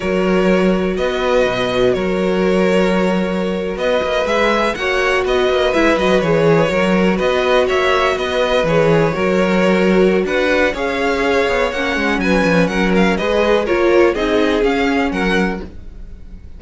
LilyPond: <<
  \new Staff \with { instrumentName = "violin" } { \time 4/4 \tempo 4 = 123 cis''2 dis''2 | cis''2.~ cis''8. dis''16~ | dis''8. e''4 fis''4 dis''4 e''16~ | e''16 dis''8 cis''2 dis''4 e''16~ |
e''8. dis''4 cis''2~ cis''16~ | cis''4 fis''4 f''2 | fis''4 gis''4 fis''8 f''8 dis''4 | cis''4 dis''4 f''4 fis''4 | }
  \new Staff \with { instrumentName = "violin" } { \time 4/4 ais'2 b'2 | ais'2.~ ais'8. b'16~ | b'4.~ b'16 cis''4 b'4~ b'16~ | b'4.~ b'16 ais'4 b'4 cis''16~ |
cis''8. b'2 ais'4~ ais'16~ | ais'4 b'4 cis''2~ | cis''4 b'4 ais'4 b'4 | ais'4 gis'2 ais'4 | }
  \new Staff \with { instrumentName = "viola" } { \time 4/4 fis'1~ | fis'1~ | fis'8. gis'4 fis'2 e'16~ | e'16 fis'8 gis'4 fis'2~ fis'16~ |
fis'4.~ fis'16 gis'4 fis'4~ fis'16~ | fis'2 gis'2 | cis'2. gis'4 | f'4 dis'4 cis'2 | }
  \new Staff \with { instrumentName = "cello" } { \time 4/4 fis2 b4 b,4 | fis2.~ fis8. b16~ | b16 ais8 gis4 ais4 b8 ais8 gis16~ | gis16 fis8 e4 fis4 b4 ais16~ |
ais8. b4 e4 fis4~ fis16~ | fis4 d'4 cis'4. b8 | ais8 gis8 fis8 f8 fis4 gis4 | ais4 c'4 cis'4 fis4 | }
>>